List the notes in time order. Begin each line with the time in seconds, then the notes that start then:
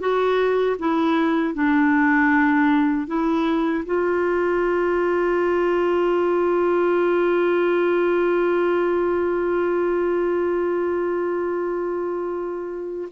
0.00 F#4
0.79 E4
1.55 D4
3.07 E4
3.86 F4